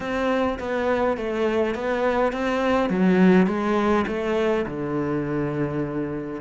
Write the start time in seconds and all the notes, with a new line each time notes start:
0.00 C4
0.59 B3
1.17 A3
1.74 B3
2.32 C4
2.89 F#3
3.47 G#3
4.07 A3
4.66 D3